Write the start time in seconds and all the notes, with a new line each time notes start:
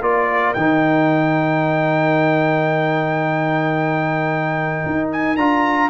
0.00 A#3 F4 A#4 D5
0.53 D#3 D#4 G5
4.86 D#4
5.11 G#5
5.36 D4 F4 A#5